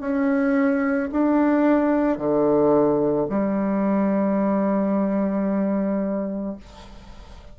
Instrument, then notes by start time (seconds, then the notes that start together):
bassoon
0.00 C#4
1.12 D4
2.17 D3
3.29 G3